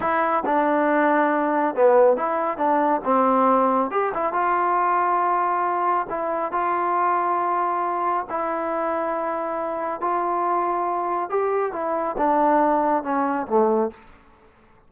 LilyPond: \new Staff \with { instrumentName = "trombone" } { \time 4/4 \tempo 4 = 138 e'4 d'2. | b4 e'4 d'4 c'4~ | c'4 g'8 e'8 f'2~ | f'2 e'4 f'4~ |
f'2. e'4~ | e'2. f'4~ | f'2 g'4 e'4 | d'2 cis'4 a4 | }